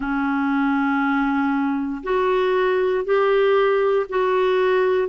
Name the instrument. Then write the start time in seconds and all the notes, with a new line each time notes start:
clarinet
0.00 C#4
2.03 F#4
3.05 G4
4.09 F#4